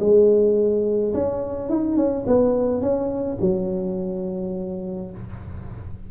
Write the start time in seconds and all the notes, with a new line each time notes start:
0.00 G#3
1.14 C#4
1.70 D#4
1.97 C#4
2.27 B3
2.81 C#4
3.41 F#3